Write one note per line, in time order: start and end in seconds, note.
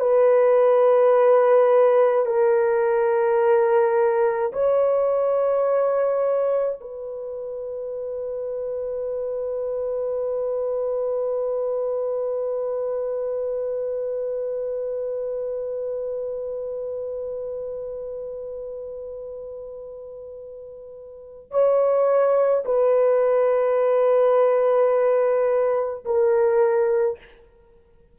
0.00 2.26 B4
2.26 4.53 A#4
4.53 6.79 C#5
6.81 21.51 B4
21.51 22.65 C#5
22.66 26.05 B4
26.05 27.19 A#4